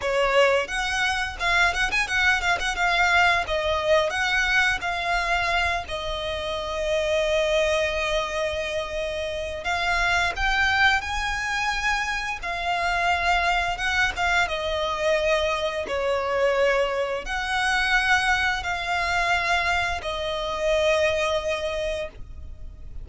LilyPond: \new Staff \with { instrumentName = "violin" } { \time 4/4 \tempo 4 = 87 cis''4 fis''4 f''8 fis''16 gis''16 fis''8 f''16 fis''16 | f''4 dis''4 fis''4 f''4~ | f''8 dis''2.~ dis''8~ | dis''2 f''4 g''4 |
gis''2 f''2 | fis''8 f''8 dis''2 cis''4~ | cis''4 fis''2 f''4~ | f''4 dis''2. | }